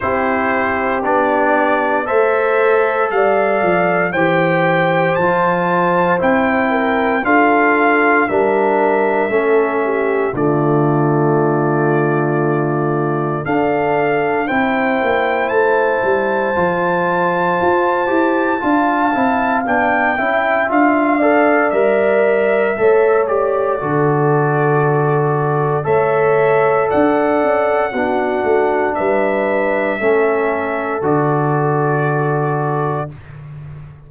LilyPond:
<<
  \new Staff \with { instrumentName = "trumpet" } { \time 4/4 \tempo 4 = 58 c''4 d''4 e''4 f''4 | g''4 a''4 g''4 f''4 | e''2 d''2~ | d''4 f''4 g''4 a''4~ |
a''2. g''4 | f''4 e''4. d''4.~ | d''4 e''4 fis''2 | e''2 d''2 | }
  \new Staff \with { instrumentName = "horn" } { \time 4/4 g'2 c''4 d''4 | c''2~ c''8 ais'8 a'4 | ais'4 a'8 g'8 f'2~ | f'4 a'4 c''2~ |
c''2 f''4. e''8~ | e''8 d''4. cis''4 a'4~ | a'4 cis''4 d''4 fis'4 | b'4 a'2. | }
  \new Staff \with { instrumentName = "trombone" } { \time 4/4 e'4 d'4 a'2 | g'4 f'4 e'4 f'4 | d'4 cis'4 a2~ | a4 d'4 e'2 |
f'4. g'8 f'8 e'8 d'8 e'8 | f'8 a'8 ais'4 a'8 g'8 fis'4~ | fis'4 a'2 d'4~ | d'4 cis'4 fis'2 | }
  \new Staff \with { instrumentName = "tuba" } { \time 4/4 c'4 b4 a4 g8 f8 | e4 f4 c'4 d'4 | g4 a4 d2~ | d4 d'4 c'8 ais8 a8 g8 |
f4 f'8 e'8 d'8 c'8 b8 cis'8 | d'4 g4 a4 d4~ | d4 a4 d'8 cis'8 b8 a8 | g4 a4 d2 | }
>>